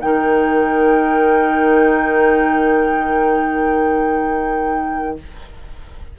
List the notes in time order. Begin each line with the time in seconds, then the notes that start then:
0.00 D#3 D#4 A#4 G5